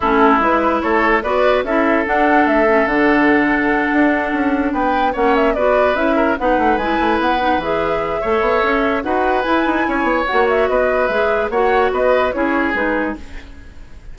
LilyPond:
<<
  \new Staff \with { instrumentName = "flute" } { \time 4/4 \tempo 4 = 146 a'4 b'4 cis''4 d''4 | e''4 fis''4 e''4 fis''4~ | fis''2.~ fis''8 g''8~ | g''8 fis''8 e''8 d''4 e''4 fis''8~ |
fis''8 gis''4 fis''4 e''4.~ | e''2 fis''4 gis''4~ | gis''4 fis''8 e''8 dis''4 e''4 | fis''4 dis''4 cis''4 b'4 | }
  \new Staff \with { instrumentName = "oboe" } { \time 4/4 e'2 a'4 b'4 | a'1~ | a'2.~ a'8 b'8~ | b'8 cis''4 b'4. ais'8 b'8~ |
b'1 | cis''2 b'2 | cis''2 b'2 | cis''4 b'4 gis'2 | }
  \new Staff \with { instrumentName = "clarinet" } { \time 4/4 cis'4 e'2 fis'4 | e'4 d'4. cis'8 d'4~ | d'1~ | d'8 cis'4 fis'4 e'4 dis'8~ |
dis'8 e'4. dis'8 gis'4. | a'2 fis'4 e'4~ | e'4 fis'2 gis'4 | fis'2 e'4 dis'4 | }
  \new Staff \with { instrumentName = "bassoon" } { \time 4/4 a4 gis4 a4 b4 | cis'4 d'4 a4 d4~ | d4. d'4 cis'4 b8~ | b8 ais4 b4 cis'4 b8 |
a8 gis8 a8 b4 e4. | a8 b8 cis'4 dis'4 e'8 dis'8 | cis'8 b8 ais4 b4 gis4 | ais4 b4 cis'4 gis4 | }
>>